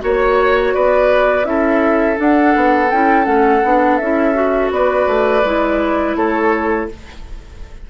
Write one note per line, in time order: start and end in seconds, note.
0.00 0.75 A#3
0.00 1.44 F#4
0.00 0.74 C#5
0.74 1.44 B3
0.74 1.46 B4
0.74 1.45 D5
1.44 2.17 C#4
1.44 2.16 E4
1.44 4.74 A4
1.44 2.18 E5
2.17 2.89 D4
2.17 2.56 D4
2.17 2.91 F#5
2.56 2.92 B3
2.91 3.27 C#4
2.91 3.25 E4
2.91 3.25 G5
3.25 3.63 A3
3.25 3.61 C#4
3.25 3.98 F#5
3.64 4.00 B3
3.64 4.02 D4
3.98 4.71 C#4
3.98 4.34 E4
3.98 4.70 E5
4.34 5.42 F#4
4.71 5.07 B3
4.71 6.17 B4
4.71 6.17 D5
5.07 5.43 A3
5.44 6.16 G#3
5.44 6.90 E4
6.16 6.88 A3
6.16 6.90 A4
6.16 6.89 C#5